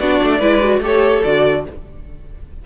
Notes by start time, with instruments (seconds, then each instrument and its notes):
0.00 cello B3, viola D4, violin F#4 D5
0.23 cello A3
0.39 cello G#3, viola E4, violin B4
0.62 viola F#4
0.81 cello A3, viola G4, violin A4 C#5
1.24 cello D3, viola F#4, violin D5